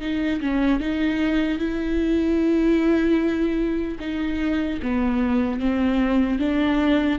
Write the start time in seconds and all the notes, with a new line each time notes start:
0.00 D#4
0.40 C#4
0.80 D#4
1.58 E4
3.99 D#4
4.82 B3
5.59 C4
6.39 D4